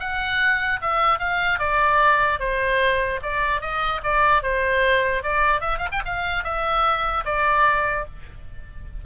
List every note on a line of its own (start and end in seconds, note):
0.00 0.81 F#5
0.82 1.19 E5
1.19 1.59 F5
1.59 2.40 D5
2.40 3.20 C5
3.23 3.61 D5
3.61 4.01 D#5
4.04 4.43 D5
4.43 5.23 C5
5.23 5.61 D5
5.61 5.78 E5
5.78 5.88 F5
5.92 6.02 G5
6.06 6.44 F5
6.44 7.25 E5
7.25 8.06 D5